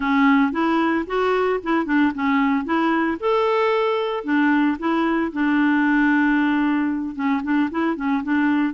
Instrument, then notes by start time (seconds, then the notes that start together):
clarinet
0.00 C#4
0.52 E4
1.06 F#4
1.63 E4
1.85 D4
2.14 C#4
2.64 E4
3.20 A4
4.24 D4
4.78 E4
5.32 D4
7.15 C#4
7.43 D4
7.70 E4
7.96 C#4
8.23 D4